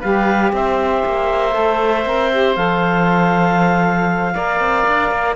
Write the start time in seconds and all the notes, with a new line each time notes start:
0.00 G3 G4 B4 F5
0.53 C4 C5 E5
1.06 A#3
1.51 A3 A4
2.06 C4 A#4
2.32 G4
2.56 F3 A4 F5
4.35 A#3 A#4 D5
4.60 C4
4.88 D4
5.12 A#3